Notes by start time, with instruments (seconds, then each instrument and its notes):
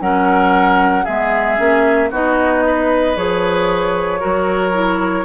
0.00 bassoon F#3, clarinet C#4, oboe A#4, flute F#5
1.04 bassoon G#3, clarinet B3, oboe G#4, flute E5
1.56 bassoon A#3, clarinet C#4
2.10 bassoon B3, clarinet D#4, oboe F#4, flute D#5
2.66 oboe B4
3.16 bassoon F3, clarinet G#4, flute C#5
4.19 bassoon F#3, clarinet F#4, oboe A#4
4.72 clarinet E4